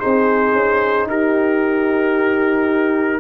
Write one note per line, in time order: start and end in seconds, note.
0.00 0.53 C4
0.00 3.20 D#4
0.00 1.08 G#4
0.00 1.07 C5
0.53 1.06 C#4
1.06 3.20 D#4
1.06 3.20 G4
1.06 3.20 A#4